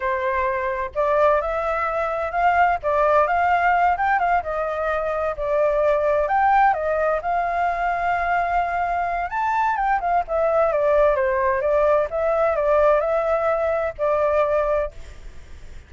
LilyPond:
\new Staff \with { instrumentName = "flute" } { \time 4/4 \tempo 4 = 129 c''2 d''4 e''4~ | e''4 f''4 d''4 f''4~ | f''8 g''8 f''8 dis''2 d''8~ | d''4. g''4 dis''4 f''8~ |
f''1 | a''4 g''8 f''8 e''4 d''4 | c''4 d''4 e''4 d''4 | e''2 d''2 | }